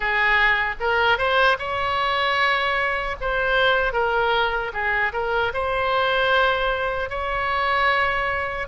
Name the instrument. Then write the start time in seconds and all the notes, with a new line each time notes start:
oboe
0.00 G#4
0.79 A#4
1.17 C5
1.58 C#5
3.20 C5
3.93 A#4
4.73 G#4
5.12 A#4
5.53 C5
7.09 C#5